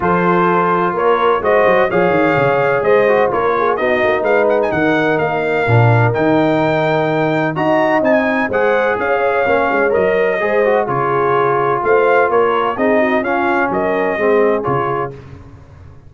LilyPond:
<<
  \new Staff \with { instrumentName = "trumpet" } { \time 4/4 \tempo 4 = 127 c''2 cis''4 dis''4 | f''2 dis''4 cis''4 | dis''4 f''8 fis''16 gis''16 fis''4 f''4~ | f''4 g''2. |
ais''4 gis''4 fis''4 f''4~ | f''4 dis''2 cis''4~ | cis''4 f''4 cis''4 dis''4 | f''4 dis''2 cis''4 | }
  \new Staff \with { instrumentName = "horn" } { \time 4/4 a'2 ais'4 c''4 | cis''2 c''4 ais'8 gis'8 | fis'4 b'4 ais'2~ | ais'1 |
dis''2 c''4 cis''4~ | cis''2 c''4 gis'4~ | gis'4 c''4 ais'4 gis'8 fis'8 | f'4 ais'4 gis'2 | }
  \new Staff \with { instrumentName = "trombone" } { \time 4/4 f'2. fis'4 | gis'2~ gis'8 fis'8 f'4 | dis'1 | d'4 dis'2. |
fis'4 dis'4 gis'2 | cis'4 ais'4 gis'8 fis'8 f'4~ | f'2. dis'4 | cis'2 c'4 f'4 | }
  \new Staff \with { instrumentName = "tuba" } { \time 4/4 f2 ais4 gis8 fis8 | f8 dis8 cis4 gis4 ais4 | b8 ais8 gis4 dis4 ais4 | ais,4 dis2. |
dis'4 c'4 gis4 cis'4 | ais8 gis8 fis4 gis4 cis4~ | cis4 a4 ais4 c'4 | cis'4 fis4 gis4 cis4 | }
>>